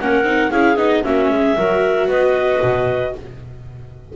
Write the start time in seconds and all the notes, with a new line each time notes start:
0.00 A#3 C#4 A#4 F#5
0.23 C4 D#4
0.51 C#4 E4 G#4 F5
0.76 B3 D#4 D#5
1.03 A#3 C#4 F#4 E5
1.30 G#3 G#4
1.56 F#3 F#4 A#4
2.08 B3 B4 D#5
2.62 B2